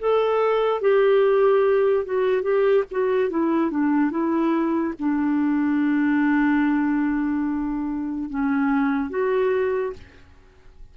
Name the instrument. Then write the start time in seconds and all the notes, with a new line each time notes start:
clarinet
0.00 A4
0.81 G4
2.05 F#4
2.42 G4
2.91 F#4
3.30 E4
3.71 D4
4.11 E4
5.00 D4
8.30 C#4
9.10 F#4